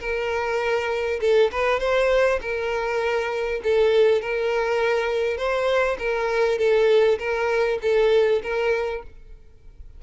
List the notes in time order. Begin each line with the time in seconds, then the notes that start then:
0.00 A#4
1.21 A4
1.52 B4
1.79 C5
2.41 A#4
3.63 A4
4.21 A#4
5.37 C5
5.99 A#4
6.58 A4
7.19 A#4
7.82 A4
8.43 A#4